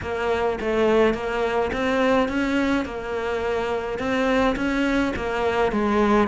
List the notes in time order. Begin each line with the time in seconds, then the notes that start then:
0.02 A#3
0.60 A3
1.14 A#3
1.72 C4
2.28 C#4
2.85 A#3
3.98 C4
4.56 C#4
5.16 A#3
5.71 G#3